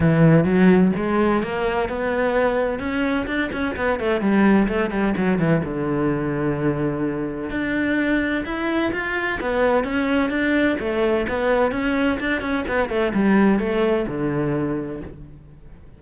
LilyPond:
\new Staff \with { instrumentName = "cello" } { \time 4/4 \tempo 4 = 128 e4 fis4 gis4 ais4 | b2 cis'4 d'8 cis'8 | b8 a8 g4 a8 g8 fis8 e8 | d1 |
d'2 e'4 f'4 | b4 cis'4 d'4 a4 | b4 cis'4 d'8 cis'8 b8 a8 | g4 a4 d2 | }